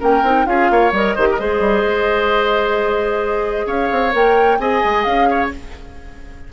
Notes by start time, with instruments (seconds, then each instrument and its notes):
0.00 bassoon A#3, clarinet C#4, oboe A#4, flute G5
0.23 bassoon C4, clarinet D#4
0.45 bassoon C#4, clarinet F4, oboe G#4, flute F5
0.70 bassoon A#3, oboe C#5
0.92 bassoon G3, clarinet A#4, flute D#5
1.16 bassoon D#3, clarinet G4, oboe C5
1.31 oboe A#4
1.39 bassoon G#3, clarinet G#4, oboe C5
1.60 bassoon G3
1.84 bassoon G#3
3.66 bassoon C#4, oboe C#5, flute F5
3.92 bassoon C4
4.13 bassoon A#3, clarinet A#4, flute G5
4.59 bassoon C4, clarinet G#4, oboe D#5, flute G#5
4.84 bassoon G#3
5.04 bassoon C#4, flute F5
5.30 oboe C#5